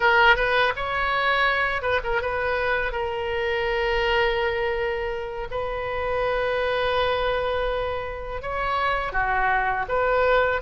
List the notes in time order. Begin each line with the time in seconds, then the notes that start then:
0.00 A#4
0.36 B4
0.76 C#5
1.82 B4
2.03 A#4
2.21 B4
2.92 A#4
5.50 B4
8.42 C#5
9.12 F#4
9.88 B4